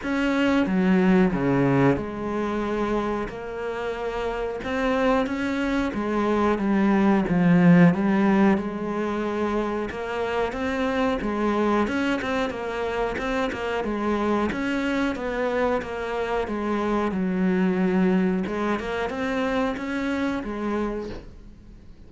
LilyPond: \new Staff \with { instrumentName = "cello" } { \time 4/4 \tempo 4 = 91 cis'4 fis4 cis4 gis4~ | gis4 ais2 c'4 | cis'4 gis4 g4 f4 | g4 gis2 ais4 |
c'4 gis4 cis'8 c'8 ais4 | c'8 ais8 gis4 cis'4 b4 | ais4 gis4 fis2 | gis8 ais8 c'4 cis'4 gis4 | }